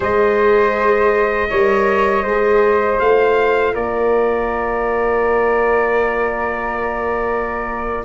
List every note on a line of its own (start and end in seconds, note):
0.00 1.49 G#3
0.00 1.48 G#4
0.00 1.48 C5
0.00 2.99 D#5
1.49 2.23 G3
1.49 2.25 A#4
1.49 2.23 C#5
2.23 2.98 G#3
2.23 3.02 G#4
2.23 3.73 C5
2.99 3.75 A3
2.99 8.05 F4
2.99 3.74 F5
3.73 8.05 A#3
3.73 8.04 A#4
3.73 8.05 D5